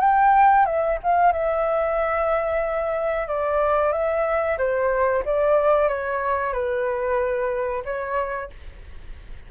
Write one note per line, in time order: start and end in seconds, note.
0.00 0.65 G5
0.66 0.98 E5
1.03 1.32 F5
1.32 3.27 E5
3.27 3.92 D5
3.92 4.57 E5
4.58 5.23 C5
5.25 5.88 D5
5.88 6.52 C#5
6.52 7.83 B4
7.84 8.50 C#5